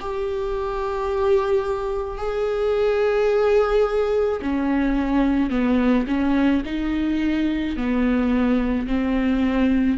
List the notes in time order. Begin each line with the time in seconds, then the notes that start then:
0.00 G4
2.18 G#4
4.42 C#4
5.51 B3
6.08 C#4
6.65 D#4
7.76 B3
8.87 C4